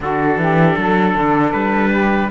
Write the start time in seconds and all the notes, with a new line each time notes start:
0.00 D3 D4 F#4 A4
0.36 E3 G4
0.77 F#3 A4
1.14 D3
1.52 G3 B4
1.90 G4